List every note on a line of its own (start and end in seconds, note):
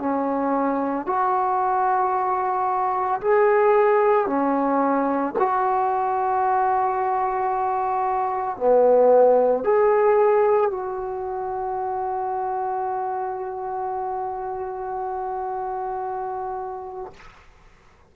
0.00 1.07 C#4
1.07 3.21 F#4
3.21 4.27 G#4
4.27 5.34 C#4
5.39 8.57 F#4
8.57 9.64 B3
9.64 10.71 G#4
10.71 17.14 F#4